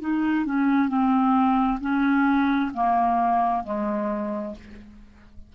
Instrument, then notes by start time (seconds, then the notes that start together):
clarinet
0.00 D#4
0.45 C#4
0.88 C4
1.80 C#4
2.74 A#3
3.64 G#3